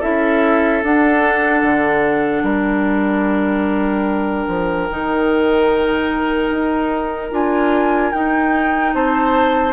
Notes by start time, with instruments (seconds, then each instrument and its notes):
0.00 bassoon C#4, clarinet E4, oboe A4, flute E5
0.83 bassoon D4, clarinet D4, flute F#5
1.62 bassoon D3
2.43 bassoon G3, oboe A#4, flute G5
4.48 bassoon F3
4.90 bassoon D#3, clarinet D#4
6.51 bassoon D#4
7.31 bassoon D4, clarinet F4, flute G#5
8.12 clarinet D#4, bassoon D#4, flute G5
8.94 bassoon C4, oboe C5, flute A5